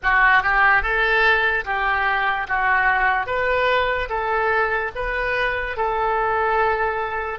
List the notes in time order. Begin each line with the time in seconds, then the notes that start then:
0.03 F#4
0.43 G4
0.82 A4
1.64 G4
2.48 F#4
3.26 B4
4.09 A4
4.95 B4
5.76 A4